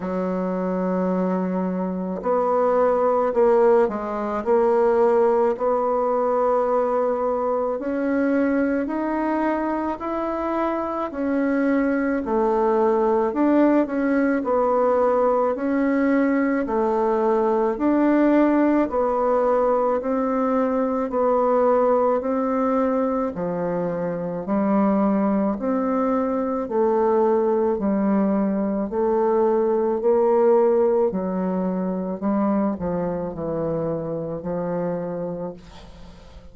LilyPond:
\new Staff \with { instrumentName = "bassoon" } { \time 4/4 \tempo 4 = 54 fis2 b4 ais8 gis8 | ais4 b2 cis'4 | dis'4 e'4 cis'4 a4 | d'8 cis'8 b4 cis'4 a4 |
d'4 b4 c'4 b4 | c'4 f4 g4 c'4 | a4 g4 a4 ais4 | fis4 g8 f8 e4 f4 | }